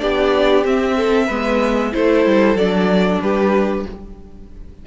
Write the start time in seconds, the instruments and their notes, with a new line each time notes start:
0.00 cello B3, viola D4, violin G4 D5
0.64 cello C4, viola C4, violin E5
0.97 violin A4
1.27 cello G#3, viola B3, violin B4
1.92 cello A3, viola E4, violin A4 C5
2.26 cello G3
2.55 cello F#3, viola D4, violin D5
3.22 cello G3, violin G4 B4